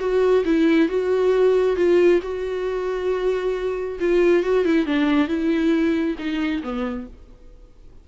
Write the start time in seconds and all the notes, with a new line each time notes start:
0.00 F#4
0.45 E4
0.89 F#4
1.76 F4
2.22 F#4
4.00 F4
4.43 F#4
4.65 E4
4.86 D4
5.28 E4
6.18 D#4
6.63 B3